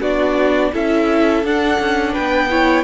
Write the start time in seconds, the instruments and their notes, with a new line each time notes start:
0.00 cello B3, viola D4, violin F#4 D5
0.72 cello C#4, viola E4, violin A4 E5
1.43 cello D4, viola D4, violin F#5
1.79 cello C#4
2.12 cello B3, violin B4 G5
2.50 viola E4, violin C#5